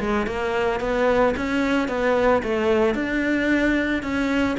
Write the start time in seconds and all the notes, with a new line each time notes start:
0.00 G#3
0.27 A#3
0.81 B3
1.37 C#4
1.88 B3
2.43 A3
2.95 D4
4.03 C#4